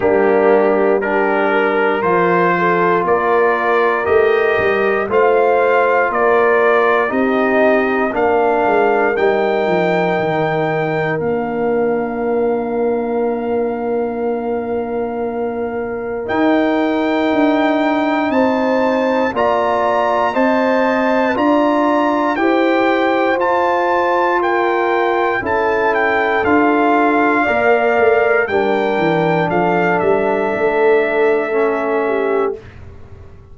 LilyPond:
<<
  \new Staff \with { instrumentName = "trumpet" } { \time 4/4 \tempo 4 = 59 g'4 ais'4 c''4 d''4 | dis''4 f''4 d''4 dis''4 | f''4 g''2 f''4~ | f''1 |
g''2 a''4 ais''4 | a''4 ais''4 g''4 a''4 | g''4 a''8 g''8 f''2 | g''4 f''8 e''2~ e''8 | }
  \new Staff \with { instrumentName = "horn" } { \time 4/4 d'4 g'8 ais'4 a'8 ais'4~ | ais'4 c''4 ais'4 g'4 | ais'1~ | ais'1~ |
ais'2 c''4 d''4 | dis''4 d''4 c''2 | ais'4 a'2 d''4 | ais'4 a'2~ a'8 g'8 | }
  \new Staff \with { instrumentName = "trombone" } { \time 4/4 ais4 d'4 f'2 | g'4 f'2 dis'4 | d'4 dis'2 d'4~ | d'1 |
dis'2. f'4 | c''4 f'4 g'4 f'4~ | f'4 e'4 f'4 ais'4 | d'2. cis'4 | }
  \new Staff \with { instrumentName = "tuba" } { \time 4/4 g2 f4 ais4 | a8 g8 a4 ais4 c'4 | ais8 gis8 g8 f8 dis4 ais4~ | ais1 |
dis'4 d'4 c'4 ais4 | c'4 d'4 e'4 f'4~ | f'4 cis'4 d'4 ais8 a8 | g8 e8 f8 g8 a2 | }
>>